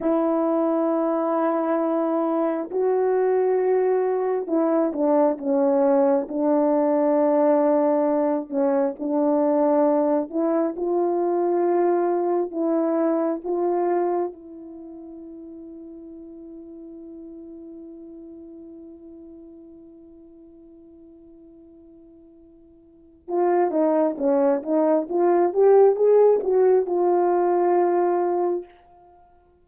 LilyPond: \new Staff \with { instrumentName = "horn" } { \time 4/4 \tempo 4 = 67 e'2. fis'4~ | fis'4 e'8 d'8 cis'4 d'4~ | d'4. cis'8 d'4. e'8 | f'2 e'4 f'4 |
e'1~ | e'1~ | e'2 f'8 dis'8 cis'8 dis'8 | f'8 g'8 gis'8 fis'8 f'2 | }